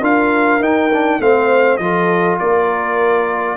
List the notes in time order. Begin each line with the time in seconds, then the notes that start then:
0.00 D4 F4 A#4 F5
0.59 D#4 G5
0.92 D4
1.19 A3 C4 C5 F5
1.77 F3 F4 A4 D#5
2.39 A#3 A#4 D5